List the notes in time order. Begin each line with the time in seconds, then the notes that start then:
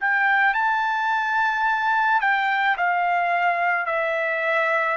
0.00 G5
0.54 A5
2.21 G5
2.77 F5
3.86 E5